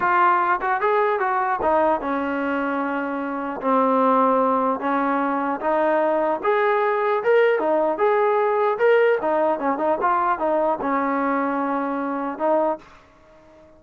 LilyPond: \new Staff \with { instrumentName = "trombone" } { \time 4/4 \tempo 4 = 150 f'4. fis'8 gis'4 fis'4 | dis'4 cis'2.~ | cis'4 c'2. | cis'2 dis'2 |
gis'2 ais'4 dis'4 | gis'2 ais'4 dis'4 | cis'8 dis'8 f'4 dis'4 cis'4~ | cis'2. dis'4 | }